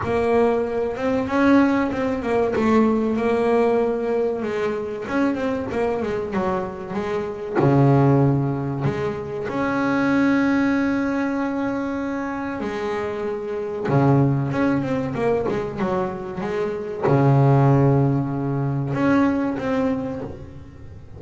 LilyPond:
\new Staff \with { instrumentName = "double bass" } { \time 4/4 \tempo 4 = 95 ais4. c'8 cis'4 c'8 ais8 | a4 ais2 gis4 | cis'8 c'8 ais8 gis8 fis4 gis4 | cis2 gis4 cis'4~ |
cis'1 | gis2 cis4 cis'8 c'8 | ais8 gis8 fis4 gis4 cis4~ | cis2 cis'4 c'4 | }